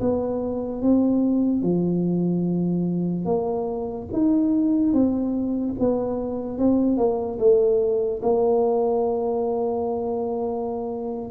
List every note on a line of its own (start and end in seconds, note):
0.00 0.82 B3
0.82 1.62 C4
1.62 3.25 F3
3.25 4.07 A#3
4.12 4.93 D#4
4.93 5.75 C4
5.79 6.58 B3
6.58 6.97 C4
6.97 7.38 A#3
7.39 8.21 A3
8.22 11.30 A#3